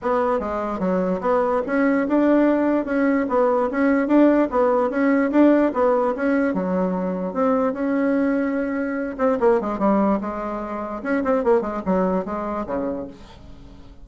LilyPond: \new Staff \with { instrumentName = "bassoon" } { \time 4/4 \tempo 4 = 147 b4 gis4 fis4 b4 | cis'4 d'2 cis'4 | b4 cis'4 d'4 b4 | cis'4 d'4 b4 cis'4 |
fis2 c'4 cis'4~ | cis'2~ cis'8 c'8 ais8 gis8 | g4 gis2 cis'8 c'8 | ais8 gis8 fis4 gis4 cis4 | }